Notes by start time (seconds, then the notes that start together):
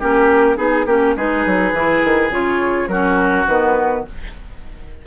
0.00 A#3 C#4 G4 A#4
0.56 B3 D#4 G#4
0.86 A#3 C#4 G4 A#4
1.17 G#3 D#4 G#4 B4
1.46 F#3
1.73 E3 E4
2.05 D#3
2.30 C#3 F4 C#5
2.88 F#3 C#4 F#4 A#4
3.47 D#3 B3 B4